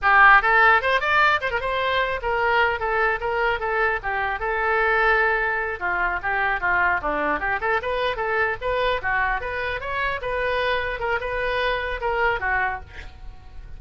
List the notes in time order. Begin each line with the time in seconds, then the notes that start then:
0.01 G4
0.41 A4
0.81 C5
1.00 D5
1.40 C5
1.51 A#4
1.60 C5
2.22 A#4
2.79 A4
3.20 A#4
3.59 A4
4.02 G4
4.39 A4
5.79 F4
6.22 G4
6.60 F4
7.01 D4
7.39 G4
7.60 A4
7.81 B4
8.16 A4
8.61 B4
9.02 F#4
9.41 B4
9.80 C#5
10.21 B4
10.99 A#4
11.20 B4
12.01 A#4
12.40 F#4